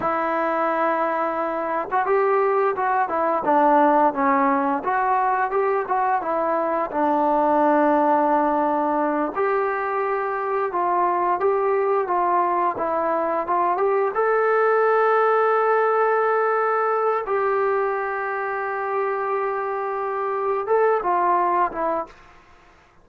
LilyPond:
\new Staff \with { instrumentName = "trombone" } { \time 4/4 \tempo 4 = 87 e'2~ e'8. fis'16 g'4 | fis'8 e'8 d'4 cis'4 fis'4 | g'8 fis'8 e'4 d'2~ | d'4. g'2 f'8~ |
f'8 g'4 f'4 e'4 f'8 | g'8 a'2.~ a'8~ | a'4 g'2.~ | g'2 a'8 f'4 e'8 | }